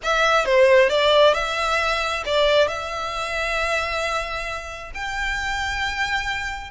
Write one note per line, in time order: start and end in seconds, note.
0.03 0.45 E5
0.45 0.89 C5
0.89 1.34 D5
1.34 2.23 E5
2.25 2.67 D5
2.67 4.91 E5
4.94 6.70 G5